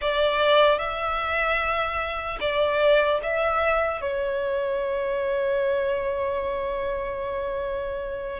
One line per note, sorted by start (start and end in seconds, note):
0.01 0.78 D5
0.78 2.38 E5
2.40 3.20 D5
3.23 4.01 E5
4.01 8.39 C#5